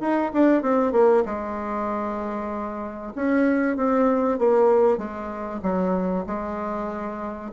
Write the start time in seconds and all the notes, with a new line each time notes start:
0.00 D#4
0.34 D4
0.62 C4
0.92 A#3
1.25 G#3
3.15 C#4
3.76 C4
4.39 A#3
4.98 G#3
5.62 F#3
6.26 G#3